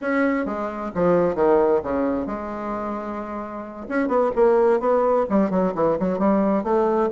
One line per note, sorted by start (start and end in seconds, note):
0.01 0.45 C#4
0.45 0.91 G#3
0.95 1.35 F3
1.35 1.80 D#3
1.83 2.26 C#3
2.26 3.86 G#3
3.88 4.07 C#4
4.07 4.30 B3
4.35 4.80 A#3
4.80 5.25 B3
5.29 5.50 G3
5.50 5.73 F#3
5.74 5.97 E3
5.99 6.18 F#3
6.18 6.63 G3
6.63 7.09 A3